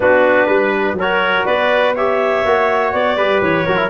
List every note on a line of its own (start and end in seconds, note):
0.00 0.48 B3
0.00 0.97 D4
0.00 0.46 F#4
0.00 0.97 B4
0.46 0.93 G3
0.46 0.95 B4
0.93 1.42 F#3
0.93 1.45 A#4
0.99 1.96 F#4
0.99 1.45 C#5
1.45 2.44 B3
1.45 1.94 B4
1.45 1.94 D5
1.95 2.45 G4
1.95 3.17 C#5
1.95 2.92 E5
2.45 2.93 A#3
2.45 3.18 F#4
2.92 3.16 B3
2.92 3.41 D5
3.16 3.41 G3
3.16 3.67 G4
3.16 3.66 B4
3.41 3.66 E3
3.41 3.90 C#5
3.66 3.90 F#3
3.66 3.76 F#4
3.66 3.90 A#4
3.76 3.88 E4